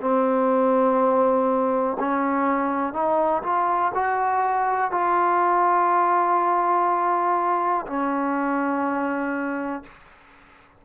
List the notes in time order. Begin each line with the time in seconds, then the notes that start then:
0.00 C4
1.99 C#4
2.93 D#4
3.42 F4
3.94 F#4
4.91 F4
7.86 C#4